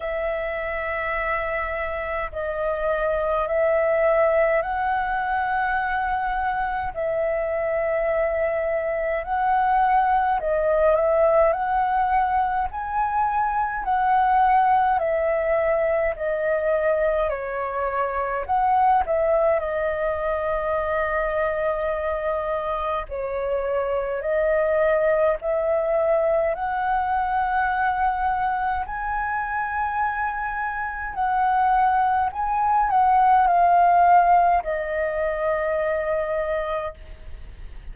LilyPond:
\new Staff \with { instrumentName = "flute" } { \time 4/4 \tempo 4 = 52 e''2 dis''4 e''4 | fis''2 e''2 | fis''4 dis''8 e''8 fis''4 gis''4 | fis''4 e''4 dis''4 cis''4 |
fis''8 e''8 dis''2. | cis''4 dis''4 e''4 fis''4~ | fis''4 gis''2 fis''4 | gis''8 fis''8 f''4 dis''2 | }